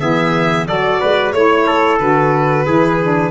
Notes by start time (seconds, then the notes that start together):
0.00 E3 B3 G#4 E5
0.67 F#3 F#4 A4 D5
1.01 G#3 B4
1.32 A3 E4 C#5
1.67 A4
1.99 D3 F#4 B4
2.66 E3 E4 G#4
3.02 D4